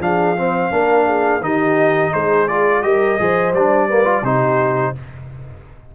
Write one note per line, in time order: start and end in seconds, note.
0.00 0.71 F3
0.00 0.37 D4
0.00 0.39 G#4
0.00 1.44 F5
0.37 0.71 C4
0.37 0.72 C5
0.71 1.41 A#3
0.71 1.41 D4
0.71 1.07 A#4
1.07 1.43 G#4
1.41 2.11 D#3
1.41 2.49 D#4
1.41 2.13 G4
1.41 2.14 D#5
2.13 2.84 G#3
2.13 2.84 G#4
2.13 2.49 C5
2.49 2.83 F4
2.49 2.83 D5
2.83 3.20 G3
2.83 3.18 G4
2.83 3.21 A#4
2.83 3.54 D#5
3.19 3.54 F3
3.19 3.54 G#4
3.19 3.88 C5
3.54 4.23 G3
3.54 3.90 D4
3.54 4.25 D5
3.88 4.05 A#3
3.88 4.23 B4
4.05 4.23 F4
4.23 4.93 C3
4.23 4.96 D#4
4.23 4.94 G4
4.23 4.96 C5